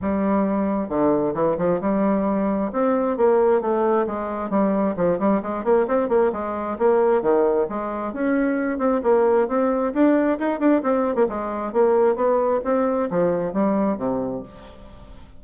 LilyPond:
\new Staff \with { instrumentName = "bassoon" } { \time 4/4 \tempo 4 = 133 g2 d4 e8 f8 | g2 c'4 ais4 | a4 gis4 g4 f8 g8 | gis8 ais8 c'8 ais8 gis4 ais4 |
dis4 gis4 cis'4. c'8 | ais4 c'4 d'4 dis'8 d'8 | c'8. ais16 gis4 ais4 b4 | c'4 f4 g4 c4 | }